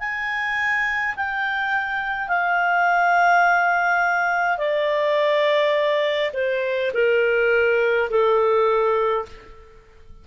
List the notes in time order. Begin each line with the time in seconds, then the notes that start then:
0.00 G#5
1.16 G5
2.29 F5
4.58 D5
6.34 C5
6.94 A#4
8.10 A4